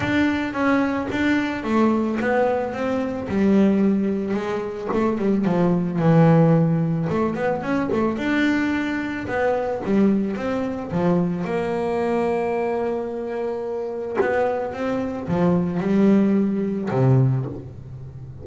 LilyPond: \new Staff \with { instrumentName = "double bass" } { \time 4/4 \tempo 4 = 110 d'4 cis'4 d'4 a4 | b4 c'4 g2 | gis4 a8 g8 f4 e4~ | e4 a8 b8 cis'8 a8 d'4~ |
d'4 b4 g4 c'4 | f4 ais2.~ | ais2 b4 c'4 | f4 g2 c4 | }